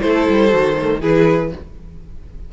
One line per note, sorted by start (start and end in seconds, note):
0.00 0.28 A3
0.00 0.50 E4
0.00 1.00 A4
0.00 1.00 C5
0.29 0.53 G3
0.50 1.02 D#3
0.50 0.75 F#4
0.75 1.00 A3
1.00 1.52 E3
1.00 1.51 E4
1.00 1.50 G#4
1.00 1.52 B4